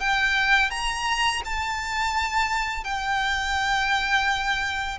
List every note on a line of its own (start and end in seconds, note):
0.00 0.70 G5
0.70 1.42 A#5
1.45 2.84 A5
2.84 4.98 G5